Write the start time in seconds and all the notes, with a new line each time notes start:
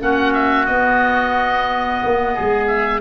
0.00 A#3 C#4 F#4 F#5
0.34 E5
0.66 B3 D#5
2.04 A#3
2.35 G#3 G#4
2.67 E5